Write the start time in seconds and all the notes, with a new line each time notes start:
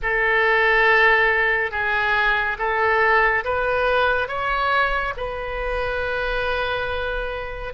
0.02 A4
1.71 G#4
2.58 A4
3.44 B4
4.28 C#5
5.17 B4